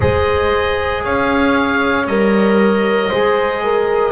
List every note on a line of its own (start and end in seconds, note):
0.00 1.05 G#3
0.00 2.05 G#4
0.00 1.03 C5
0.00 1.04 D#5
1.03 2.06 C#4
1.03 3.09 C#5
1.03 2.06 F5
2.06 3.10 G3
2.06 3.11 A#4
2.06 4.11 D#5
3.09 4.11 G#3
3.09 4.11 G#4
3.09 3.61 C5
3.63 4.11 A#4